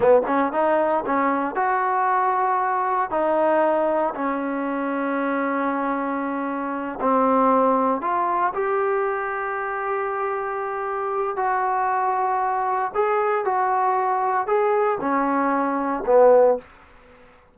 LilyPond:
\new Staff \with { instrumentName = "trombone" } { \time 4/4 \tempo 4 = 116 b8 cis'8 dis'4 cis'4 fis'4~ | fis'2 dis'2 | cis'1~ | cis'4. c'2 f'8~ |
f'8 g'2.~ g'8~ | g'2 fis'2~ | fis'4 gis'4 fis'2 | gis'4 cis'2 b4 | }